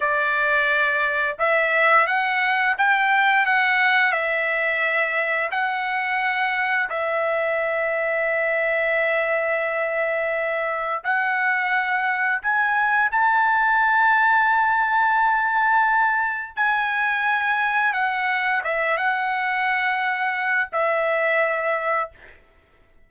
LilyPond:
\new Staff \with { instrumentName = "trumpet" } { \time 4/4 \tempo 4 = 87 d''2 e''4 fis''4 | g''4 fis''4 e''2 | fis''2 e''2~ | e''1 |
fis''2 gis''4 a''4~ | a''1 | gis''2 fis''4 e''8 fis''8~ | fis''2 e''2 | }